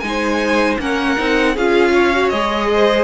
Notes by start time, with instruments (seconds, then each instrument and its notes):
0.00 cello G#3, viola D#4, violin G#5
0.09 violin C5
0.80 cello A#3, viola C#4, violin A#4 F#5
1.17 cello C4, viola D#4
1.55 cello C#4, viola F4, violin G#4 F5
1.94 violin C#5
2.14 viola F#4
2.30 cello G#3, viola G#4, violin D#5
2.73 violin C5